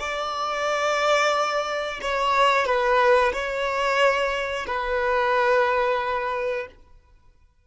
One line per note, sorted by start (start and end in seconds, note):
0.00 2.00 D5
2.02 2.66 C#5
2.66 3.33 B4
3.33 4.66 C#5
4.67 6.67 B4